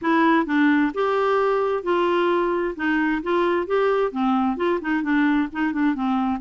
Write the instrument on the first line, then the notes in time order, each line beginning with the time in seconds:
clarinet
0.01 E4
0.46 D4
0.93 G4
1.83 F4
2.76 D#4
3.22 F4
3.66 G4
4.11 C4
4.57 F4
4.81 D#4
5.02 D4
5.52 D#4
5.73 D4
5.94 C4